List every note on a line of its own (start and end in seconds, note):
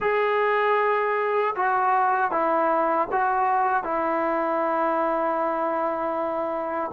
0.00 1.54 G#4
1.55 2.31 F#4
2.31 3.08 E4
3.11 3.83 F#4
3.83 6.91 E4